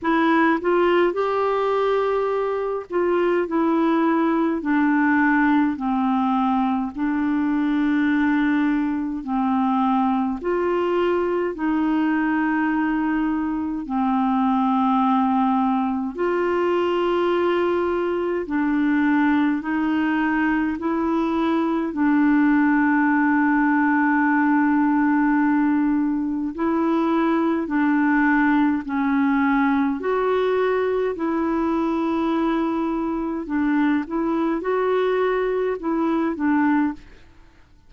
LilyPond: \new Staff \with { instrumentName = "clarinet" } { \time 4/4 \tempo 4 = 52 e'8 f'8 g'4. f'8 e'4 | d'4 c'4 d'2 | c'4 f'4 dis'2 | c'2 f'2 |
d'4 dis'4 e'4 d'4~ | d'2. e'4 | d'4 cis'4 fis'4 e'4~ | e'4 d'8 e'8 fis'4 e'8 d'8 | }